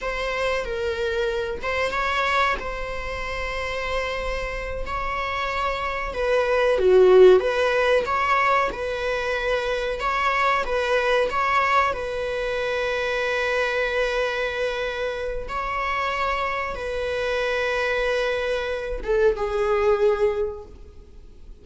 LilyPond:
\new Staff \with { instrumentName = "viola" } { \time 4/4 \tempo 4 = 93 c''4 ais'4. c''8 cis''4 | c''2.~ c''8 cis''8~ | cis''4. b'4 fis'4 b'8~ | b'8 cis''4 b'2 cis''8~ |
cis''8 b'4 cis''4 b'4.~ | b'1 | cis''2 b'2~ | b'4. a'8 gis'2 | }